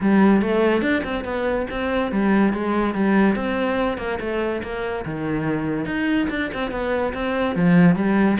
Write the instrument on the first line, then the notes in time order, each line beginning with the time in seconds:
cello
0.00 G3
0.41 A3
0.81 D4
1.04 C4
1.24 B3
1.70 C4
2.11 G3
2.53 G#3
2.94 G3
3.35 C4
3.97 A#3
4.20 A3
4.63 A#3
5.05 D#3
5.85 D#4
6.29 D4
6.53 C4
6.71 B3
7.13 C4
7.55 F3
7.95 G3